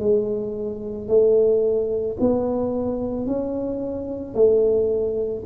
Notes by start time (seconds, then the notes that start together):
0.00 G#3
1.09 A3
2.21 B3
3.27 C#4
4.35 A3